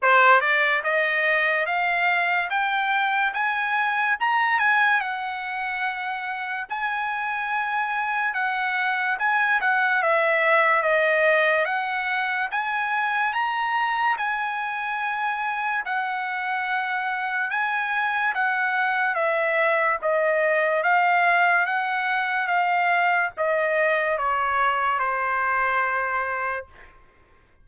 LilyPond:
\new Staff \with { instrumentName = "trumpet" } { \time 4/4 \tempo 4 = 72 c''8 d''8 dis''4 f''4 g''4 | gis''4 ais''8 gis''8 fis''2 | gis''2 fis''4 gis''8 fis''8 | e''4 dis''4 fis''4 gis''4 |
ais''4 gis''2 fis''4~ | fis''4 gis''4 fis''4 e''4 | dis''4 f''4 fis''4 f''4 | dis''4 cis''4 c''2 | }